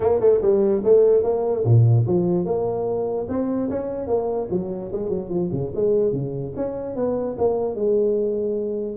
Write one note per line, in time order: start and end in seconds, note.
0.00 0.19 A#3
0.20 0.40 A3
0.41 0.82 G3
0.83 1.23 A3
1.23 1.64 A#3
1.64 2.05 A#2
2.06 2.45 F3
2.45 3.27 A#3
3.28 3.69 C4
3.70 4.07 C#4
4.07 4.48 A#3
4.50 4.91 F#3
4.92 5.09 G#3
5.09 5.29 F#3
5.29 5.49 F3
5.52 5.72 C#3
5.75 6.12 G#3
6.12 6.53 C#3
6.55 6.95 C#4
6.95 7.36 B3
7.38 7.75 A#3
7.75 8.96 G#3